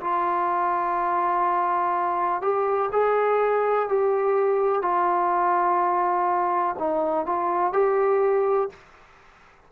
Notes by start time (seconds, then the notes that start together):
0.00 F4
2.41 G4
2.92 G#4
3.89 G4
4.82 F4
6.78 D#4
7.26 F4
7.73 G4